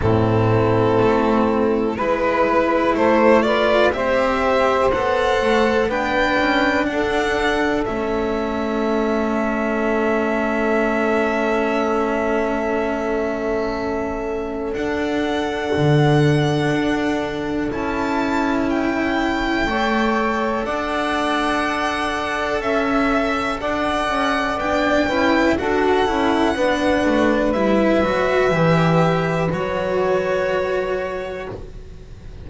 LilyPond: <<
  \new Staff \with { instrumentName = "violin" } { \time 4/4 \tempo 4 = 61 a'2 b'4 c''8 d''8 | e''4 fis''4 g''4 fis''4 | e''1~ | e''2. fis''4~ |
fis''2 a''4 g''4~ | g''4 fis''2 e''4 | fis''4 g''4 fis''2 | e''2 cis''2 | }
  \new Staff \with { instrumentName = "saxophone" } { \time 4/4 e'2 b'4 a'8 b'8 | c''2 b'4 a'4~ | a'1~ | a'1~ |
a'1 | cis''4 d''2 e''4 | d''4. b'8 a'4 b'4~ | b'1 | }
  \new Staff \with { instrumentName = "cello" } { \time 4/4 c'2 e'4. f'8 | g'4 a'4 d'2 | cis'1~ | cis'2. d'4~ |
d'2 e'2 | a'1~ | a'4 d'8 e'8 fis'8 e'8 d'4 | e'8 fis'8 g'4 fis'2 | }
  \new Staff \with { instrumentName = "double bass" } { \time 4/4 a,4 a4 gis4 a4 | c'4 b8 a8 b8 cis'8 d'4 | a1~ | a2. d'4 |
d4 d'4 cis'2 | a4 d'2 cis'4 | d'8 cis'8 b8 cis'8 d'8 cis'8 b8 a8 | g8 fis8 e4 fis2 | }
>>